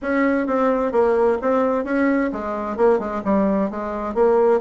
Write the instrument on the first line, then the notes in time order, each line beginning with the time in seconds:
bassoon
0.02 C#4
0.46 C4
0.92 A#3
1.41 C4
1.84 C#4
2.32 G#3
2.76 A#3
2.99 G#3
3.24 G3
3.70 G#3
4.14 A#3